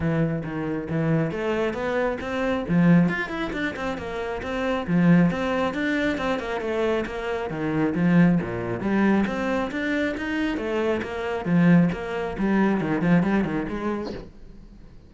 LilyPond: \new Staff \with { instrumentName = "cello" } { \time 4/4 \tempo 4 = 136 e4 dis4 e4 a4 | b4 c'4 f4 f'8 e'8 | d'8 c'8 ais4 c'4 f4 | c'4 d'4 c'8 ais8 a4 |
ais4 dis4 f4 ais,4 | g4 c'4 d'4 dis'4 | a4 ais4 f4 ais4 | g4 dis8 f8 g8 dis8 gis4 | }